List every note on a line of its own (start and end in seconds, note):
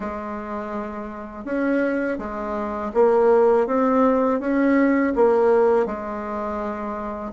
0.00 1.44 G#3
1.44 2.18 C#4
2.18 2.91 G#3
2.94 3.66 A#3
3.66 4.39 C4
4.39 5.13 C#4
5.15 5.86 A#3
5.86 7.32 G#3